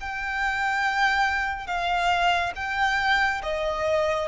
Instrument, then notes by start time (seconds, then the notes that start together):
violin
0.00 G5
1.67 F5
2.56 G5
3.43 D#5